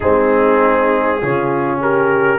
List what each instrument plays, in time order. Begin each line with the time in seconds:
0.00 tuba G#3, trombone C4, horn D#4, trumpet G#4
1.21 tuba C#3, trombone C#4, horn F4
1.80 horn G4, trumpet A#4